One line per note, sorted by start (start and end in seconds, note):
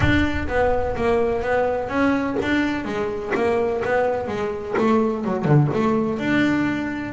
0.00 0.47 D4
0.48 0.95 B3
0.96 1.42 A#3
1.42 1.88 B3
1.88 2.36 C#4
2.42 2.84 D4
2.84 3.32 G#3
3.34 3.82 A#3
3.84 4.27 B3
4.27 4.75 G#3
4.77 5.24 A3
5.24 5.44 F#3
5.44 5.68 D3
5.73 6.18 A3
6.18 7.13 D4